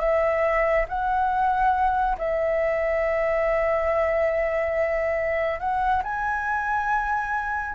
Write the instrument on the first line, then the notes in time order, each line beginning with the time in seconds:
flute
0.00 E5
0.88 F#5
2.18 E5
5.59 F#5
6.04 G#5